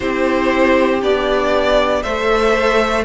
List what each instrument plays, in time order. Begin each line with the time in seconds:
0.00 cello C4, viola E4, violin G4 C5
1.02 cello B3, viola D4, violin D5
2.02 cello A3, viola A4, violin C5 E5